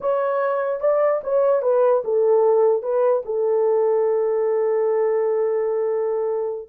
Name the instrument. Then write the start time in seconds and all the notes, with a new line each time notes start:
horn
0.01 C#5
0.80 D5
1.23 C#5
1.62 B4
2.04 A4
2.82 B4
3.25 A4